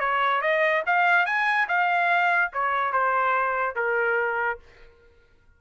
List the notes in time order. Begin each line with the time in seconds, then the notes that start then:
0.00 C#5
0.42 D#5
0.87 F5
1.26 G#5
1.69 F5
2.53 C#5
2.93 C5
3.76 A#4